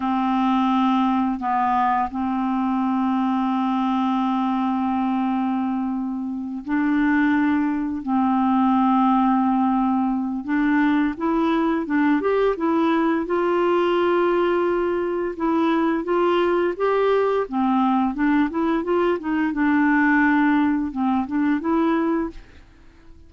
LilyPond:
\new Staff \with { instrumentName = "clarinet" } { \time 4/4 \tempo 4 = 86 c'2 b4 c'4~ | c'1~ | c'4. d'2 c'8~ | c'2. d'4 |
e'4 d'8 g'8 e'4 f'4~ | f'2 e'4 f'4 | g'4 c'4 d'8 e'8 f'8 dis'8 | d'2 c'8 d'8 e'4 | }